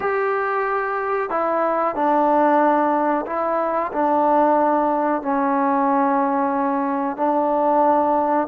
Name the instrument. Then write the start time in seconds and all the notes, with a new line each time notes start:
trombone
0.00 G4
1.30 E4
1.95 D4
3.26 E4
3.92 D4
5.22 C#4
7.17 D4